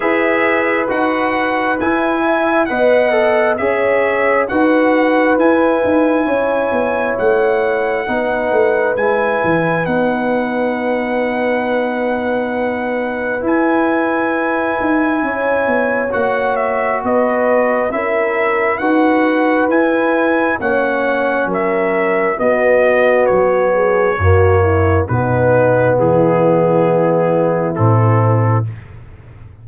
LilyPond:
<<
  \new Staff \with { instrumentName = "trumpet" } { \time 4/4 \tempo 4 = 67 e''4 fis''4 gis''4 fis''4 | e''4 fis''4 gis''2 | fis''2 gis''4 fis''4~ | fis''2. gis''4~ |
gis''2 fis''8 e''8 dis''4 | e''4 fis''4 gis''4 fis''4 | e''4 dis''4 cis''2 | b'4 gis'2 a'4 | }
  \new Staff \with { instrumentName = "horn" } { \time 4/4 b'2~ b'8 e''8 dis''4 | cis''4 b'2 cis''4~ | cis''4 b'2.~ | b'1~ |
b'4 cis''2 b'4 | ais'4 b'2 cis''4 | ais'4 fis'4. gis'8 fis'8 e'8 | dis'4 e'2. | }
  \new Staff \with { instrumentName = "trombone" } { \time 4/4 gis'4 fis'4 e'4 b'8 a'8 | gis'4 fis'4 e'2~ | e'4 dis'4 e'4 dis'4~ | dis'2. e'4~ |
e'2 fis'2 | e'4 fis'4 e'4 cis'4~ | cis'4 b2 ais4 | b2. c'4 | }
  \new Staff \with { instrumentName = "tuba" } { \time 4/4 e'4 dis'4 e'4 b4 | cis'4 dis'4 e'8 dis'8 cis'8 b8 | a4 b8 a8 gis8 e8 b4~ | b2. e'4~ |
e'8 dis'8 cis'8 b8 ais4 b4 | cis'4 dis'4 e'4 ais4 | fis4 b4 fis4 fis,4 | b,4 e2 a,4 | }
>>